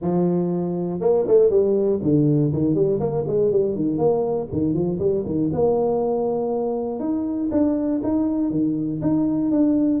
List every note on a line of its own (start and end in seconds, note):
0.01 1.00 F3
1.00 1.25 A#3
1.27 1.50 A3
1.50 2.00 G3
2.02 2.52 D3
2.52 2.74 D#3
2.74 2.99 G3
3.00 3.25 A#3
3.27 3.51 G#3
3.51 3.75 G3
3.75 3.98 D#3
3.98 4.48 A#3
4.52 4.73 D#3
4.73 4.98 F3
4.99 5.24 G3
5.25 5.50 D#3
5.52 6.99 A#3
6.99 7.49 D#4
7.51 8.01 D4
8.03 8.50 D#4
8.50 9.00 D#3
9.01 9.51 D#4
9.51 10.00 D4